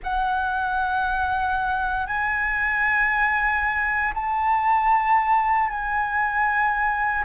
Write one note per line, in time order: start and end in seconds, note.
0.03 2.06 F#5
2.06 4.13 G#5
4.14 5.69 A5
5.69 7.24 G#5